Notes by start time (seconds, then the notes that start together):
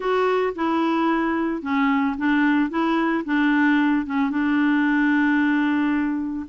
0.00 F#4
0.55 E4
1.62 C#4
2.17 D4
2.70 E4
3.25 D4
4.05 C#4
4.30 D4